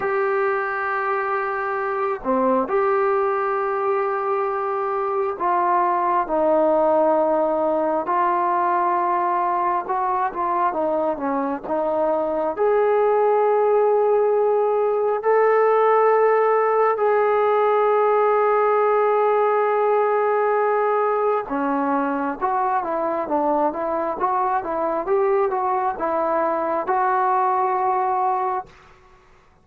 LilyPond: \new Staff \with { instrumentName = "trombone" } { \time 4/4 \tempo 4 = 67 g'2~ g'8 c'8 g'4~ | g'2 f'4 dis'4~ | dis'4 f'2 fis'8 f'8 | dis'8 cis'8 dis'4 gis'2~ |
gis'4 a'2 gis'4~ | gis'1 | cis'4 fis'8 e'8 d'8 e'8 fis'8 e'8 | g'8 fis'8 e'4 fis'2 | }